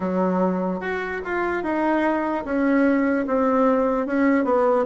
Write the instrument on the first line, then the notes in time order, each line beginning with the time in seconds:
bassoon
0.00 F#3
0.80 F#4
1.24 F4
1.63 D#4
2.45 C#4
3.27 C4
4.06 C#4
4.44 B3